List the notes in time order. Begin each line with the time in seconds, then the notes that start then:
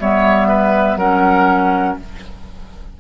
0.00 G3 B3 C#5 E5
0.48 B4
0.96 F#3 C#4 A#4 F#5